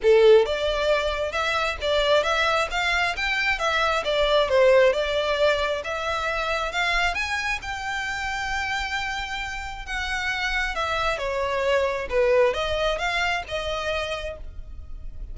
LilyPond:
\new Staff \with { instrumentName = "violin" } { \time 4/4 \tempo 4 = 134 a'4 d''2 e''4 | d''4 e''4 f''4 g''4 | e''4 d''4 c''4 d''4~ | d''4 e''2 f''4 |
gis''4 g''2.~ | g''2 fis''2 | e''4 cis''2 b'4 | dis''4 f''4 dis''2 | }